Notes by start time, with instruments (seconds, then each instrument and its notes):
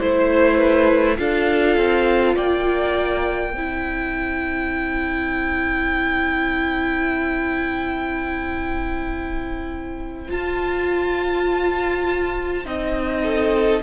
0.00 cello A3, viola E4, violin C5
0.58 violin B4
1.18 cello D4, viola F4, violin A4 F5
1.77 cello C4
2.35 cello A#3, violin D5 G5
3.53 cello C4, viola E4, violin C5
10.29 viola F4, cello F4, violin A5
12.64 cello C4, viola D#4, violin D#5
13.24 violin A4